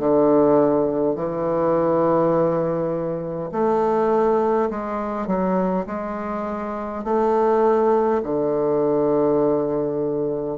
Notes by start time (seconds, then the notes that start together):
0.00 D3
1.16 E3
3.52 A3
4.71 G#3
5.28 F#3
5.87 G#3
7.05 A3
8.24 D3